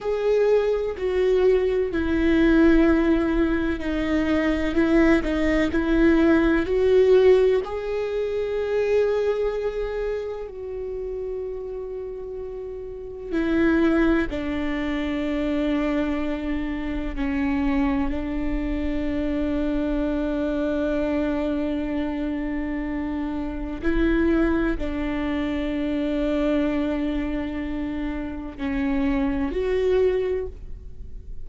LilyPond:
\new Staff \with { instrumentName = "viola" } { \time 4/4 \tempo 4 = 63 gis'4 fis'4 e'2 | dis'4 e'8 dis'8 e'4 fis'4 | gis'2. fis'4~ | fis'2 e'4 d'4~ |
d'2 cis'4 d'4~ | d'1~ | d'4 e'4 d'2~ | d'2 cis'4 fis'4 | }